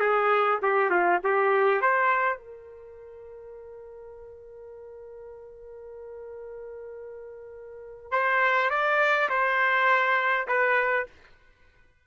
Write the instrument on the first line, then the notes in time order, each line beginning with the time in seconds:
trumpet
0.00 G#4
0.62 G4
0.90 F4
1.24 G4
1.81 C5
2.37 A#4
8.11 C5
8.70 D5
9.29 C5
10.48 B4